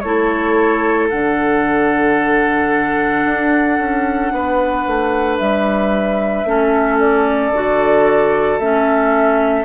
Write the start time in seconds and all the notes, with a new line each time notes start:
0.00 A3 E4 A4 C#5
1.09 D3 D4 F#5
3.25 D4
3.79 C#4
4.32 B3 B4
4.87 A3
5.38 G3 E5
6.44 A3 C#4 A4
6.99 D5
7.51 D3 F#4
8.59 A3 C#4 E5